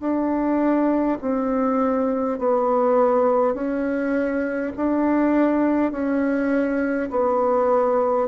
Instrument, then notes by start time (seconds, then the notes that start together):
bassoon
0.00 D4
1.21 C4
2.39 B3
3.54 C#4
4.76 D4
5.91 C#4
7.10 B3